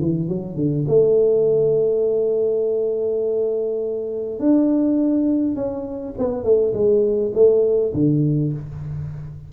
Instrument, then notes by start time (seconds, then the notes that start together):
tuba
0.00 E3
0.28 F#3
0.55 D3
0.87 A3
4.39 D4
5.55 C#4
6.18 B3
6.44 A3
6.73 G#3
7.34 A3
7.94 D3